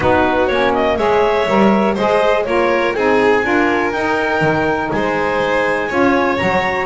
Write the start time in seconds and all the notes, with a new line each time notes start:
0.00 B3 D#4 F#4 B4
0.47 A#3 C#4 C#5
0.73 D#5
0.97 G#3 G#4 C#5 E5
1.47 G3 A#4
1.94 G#3 G#4 C5 D#5
2.44 A#3 F4 A#4 C#5
2.93 C4 D#4 G#4 G#5
3.42 D4 F4 A#4
3.91 D#4 G5
4.41 D#3
4.91 G#3 C5 G#5
5.88 C#4 F4 C#5
6.37 F#3 F#4 A#5